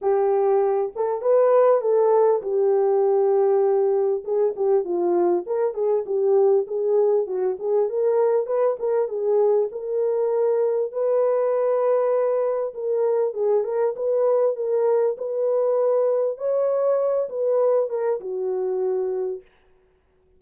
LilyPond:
\new Staff \with { instrumentName = "horn" } { \time 4/4 \tempo 4 = 99 g'4. a'8 b'4 a'4 | g'2. gis'8 g'8 | f'4 ais'8 gis'8 g'4 gis'4 | fis'8 gis'8 ais'4 b'8 ais'8 gis'4 |
ais'2 b'2~ | b'4 ais'4 gis'8 ais'8 b'4 | ais'4 b'2 cis''4~ | cis''8 b'4 ais'8 fis'2 | }